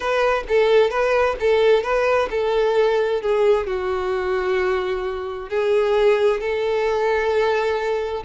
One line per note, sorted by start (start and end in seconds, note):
0.00 0.44 B4
0.48 0.90 A4
0.90 1.36 B4
1.39 1.83 A4
1.83 2.29 B4
2.30 3.21 A4
3.21 3.66 G#4
3.66 5.49 F#4
5.49 6.40 G#4
6.40 8.23 A4